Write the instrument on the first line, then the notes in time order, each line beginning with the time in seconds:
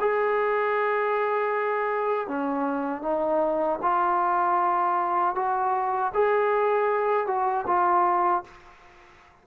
trombone
0.00 G#4
2.27 C#4
3.02 D#4
3.82 F4
5.35 F#4
6.14 G#4
7.27 F#4
7.67 F4